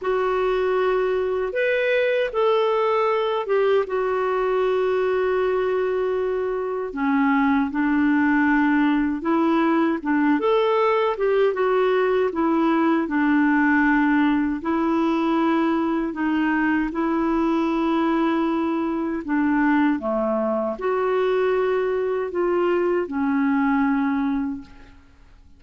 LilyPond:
\new Staff \with { instrumentName = "clarinet" } { \time 4/4 \tempo 4 = 78 fis'2 b'4 a'4~ | a'8 g'8 fis'2.~ | fis'4 cis'4 d'2 | e'4 d'8 a'4 g'8 fis'4 |
e'4 d'2 e'4~ | e'4 dis'4 e'2~ | e'4 d'4 a4 fis'4~ | fis'4 f'4 cis'2 | }